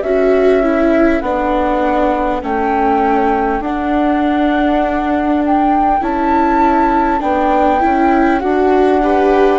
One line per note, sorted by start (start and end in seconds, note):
0.00 1.22 C#4
0.00 0.63 F#4
0.00 9.00 A4
0.00 1.21 E5
0.63 1.23 E4
1.21 2.42 B3
1.21 2.42 D4
1.21 2.41 F#5
2.42 3.60 A3
2.42 3.62 C#4
2.42 3.63 G5
3.60 6.00 D4
3.60 5.43 F#5
3.66 6.01 D4
5.46 6.04 G5
6.01 7.22 C#4
6.01 7.21 E4
6.01 7.21 A5
7.21 7.83 B3
7.21 7.81 D4
7.21 8.40 G5
7.81 8.43 C#4
7.81 8.40 E4
8.40 9.59 D4
8.40 9.01 F#4
8.40 9.59 F#5
9.03 9.59 G4
9.03 9.59 B4